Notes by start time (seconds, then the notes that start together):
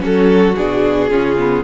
0.00 F#3 C#4 F#4 A4
0.56 B2 D4 G#4
1.10 C#3 C#4 F4
1.38 B3